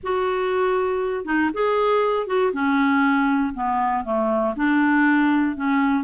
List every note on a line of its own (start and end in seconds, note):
0.03 1.25 F#4
1.25 1.50 D#4
1.53 2.26 G#4
2.26 2.51 F#4
2.52 3.53 C#4
3.54 4.04 B3
4.04 4.54 A3
4.56 5.56 D4
5.56 6.04 C#4